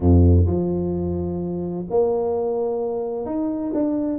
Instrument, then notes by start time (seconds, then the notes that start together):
tuba
0.00 F2
0.46 F3
1.89 A#3
3.25 D#4
3.74 D4